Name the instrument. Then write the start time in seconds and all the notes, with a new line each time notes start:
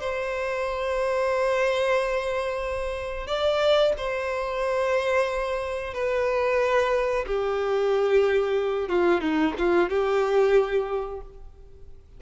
violin
0.00 C5
3.27 D5
3.97 C5
5.94 B4
7.26 G4
8.89 F4
9.21 D#4
9.58 F4
9.89 G4